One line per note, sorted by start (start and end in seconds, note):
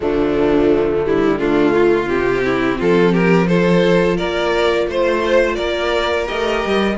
0.00 2.10 D3
0.00 1.05 F3
0.00 1.37 A3
0.00 1.05 D4
1.05 1.38 G3
1.05 1.39 E4
1.38 2.08 A3
1.38 1.74 D4
1.38 2.08 F4
1.74 2.43 F4
2.08 2.80 C3
2.08 3.47 C4
2.08 2.78 G4
2.44 2.79 E4
2.79 4.19 F3
2.79 3.11 F4
2.79 3.14 A4
3.11 3.46 G4
3.11 3.47 A#4
3.47 6.27 F4
3.47 4.17 A4
3.47 4.17 C5
4.17 4.87 A#3
4.17 4.86 A#4
4.17 4.87 D5
4.87 5.57 A3
4.87 5.56 C5
4.87 5.55 C5
5.55 6.28 A#3
5.55 6.96 A#4
5.55 6.25 D5
6.27 6.65 A3
6.27 6.97 G4
6.27 6.97 D#5
6.65 6.98 G3